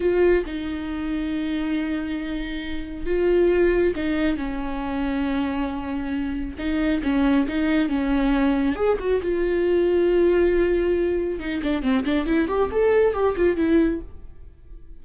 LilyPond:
\new Staff \with { instrumentName = "viola" } { \time 4/4 \tempo 4 = 137 f'4 dis'2.~ | dis'2. f'4~ | f'4 dis'4 cis'2~ | cis'2. dis'4 |
cis'4 dis'4 cis'2 | gis'8 fis'8 f'2.~ | f'2 dis'8 d'8 c'8 d'8 | e'8 g'8 a'4 g'8 f'8 e'4 | }